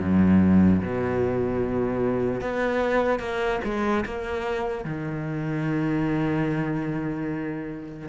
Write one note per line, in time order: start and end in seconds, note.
0.00 0.81 F#2
0.81 2.41 B2
2.41 3.20 B3
3.20 3.60 A#3
3.64 4.05 G#3
4.06 4.85 A#3
4.85 8.09 D#3